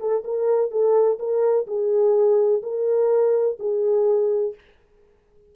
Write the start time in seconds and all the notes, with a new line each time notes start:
0.00 A4
0.24 A#4
0.71 A4
1.19 A#4
1.68 G#4
2.63 A#4
3.60 G#4